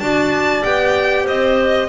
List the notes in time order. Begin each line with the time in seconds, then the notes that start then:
0.00 D4 F#4 D5 A5
0.63 B3 G4 G5
1.24 C4 C5 D#5